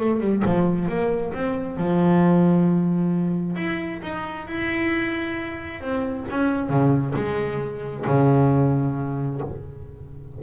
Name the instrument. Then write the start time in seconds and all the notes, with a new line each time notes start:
double bass
0.00 A3
0.21 G3
0.45 F3
0.89 A#3
1.34 C4
1.77 F3
3.56 E4
4.03 D#4
4.48 E4
5.81 C4
6.30 C#4
6.70 C#3
7.16 G#3
8.07 C#3